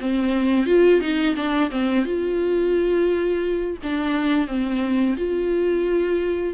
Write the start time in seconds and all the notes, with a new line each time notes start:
0.00 C4
0.66 F4
1.00 D#4
1.35 D4
1.70 C4
2.05 F4
3.83 D4
4.47 C4
5.17 F4